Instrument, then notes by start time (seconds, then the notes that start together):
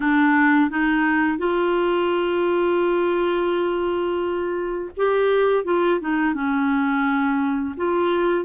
clarinet
0.00 D4
0.70 D#4
1.38 F4
4.96 G4
5.64 F4
6.00 D#4
6.34 C#4
7.76 F4